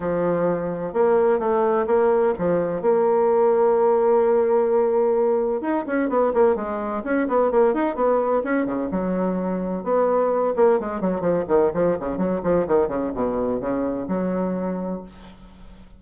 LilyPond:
\new Staff \with { instrumentName = "bassoon" } { \time 4/4 \tempo 4 = 128 f2 ais4 a4 | ais4 f4 ais2~ | ais1 | dis'8 cis'8 b8 ais8 gis4 cis'8 b8 |
ais8 dis'8 b4 cis'8 cis8 fis4~ | fis4 b4. ais8 gis8 fis8 | f8 dis8 f8 cis8 fis8 f8 dis8 cis8 | b,4 cis4 fis2 | }